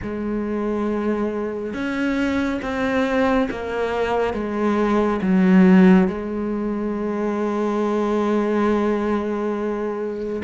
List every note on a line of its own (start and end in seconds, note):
0.02 1.73 G#3
1.73 2.60 C#4
2.62 3.49 C4
3.50 4.33 A#3
4.33 5.20 G#3
5.21 6.07 F#3
6.07 10.42 G#3